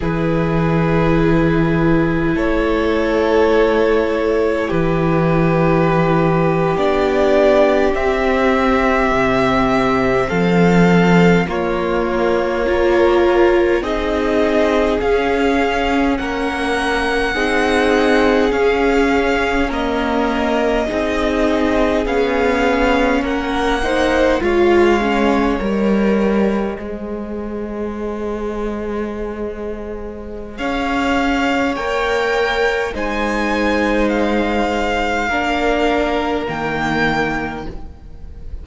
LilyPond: <<
  \new Staff \with { instrumentName = "violin" } { \time 4/4 \tempo 4 = 51 b'2 cis''2 | b'4.~ b'16 d''4 e''4~ e''16~ | e''8. f''4 cis''2 dis''16~ | dis''8. f''4 fis''2 f''16~ |
f''8. dis''2 f''4 fis''16~ | fis''8. f''4 dis''2~ dis''16~ | dis''2 f''4 g''4 | gis''4 f''2 g''4 | }
  \new Staff \with { instrumentName = "violin" } { \time 4/4 gis'2 a'2 | g'1~ | g'8. a'4 f'4 ais'4 gis'16~ | gis'4.~ gis'16 ais'4 gis'4~ gis'16~ |
gis'8. ais'4 gis'2 ais'16~ | ais'16 c''8 cis''2 c''4~ c''16~ | c''2 cis''2 | c''2 ais'2 | }
  \new Staff \with { instrumentName = "viola" } { \time 4/4 e'1~ | e'4.~ e'16 d'4 c'4~ c'16~ | c'4.~ c'16 ais4 f'4 dis'16~ | dis'8. cis'2 dis'4 cis'16~ |
cis'8. ais4 dis'4 cis'4~ cis'16~ | cis'16 dis'8 f'8 cis'8 ais'4 gis'4~ gis'16~ | gis'2. ais'4 | dis'2 d'4 ais4 | }
  \new Staff \with { instrumentName = "cello" } { \time 4/4 e2 a2 | e4.~ e16 b4 c'4 c16~ | c8. f4 ais2 c'16~ | c'8. cis'4 ais4 c'4 cis'16~ |
cis'4.~ cis'16 c'4 b4 ais16~ | ais8. gis4 g4 gis4~ gis16~ | gis2 cis'4 ais4 | gis2 ais4 dis4 | }
>>